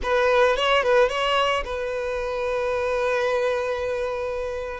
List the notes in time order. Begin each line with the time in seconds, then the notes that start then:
0.03 B4
0.56 C#5
0.83 B4
1.08 C#5
1.64 B4